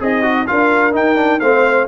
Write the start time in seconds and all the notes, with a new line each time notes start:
0.00 C4 D#4 G#4 D#5
0.22 F#4
0.47 D4 F4 A#4 F5
0.92 D#4 G5
1.16 D4
1.40 A3 C4 C5 F5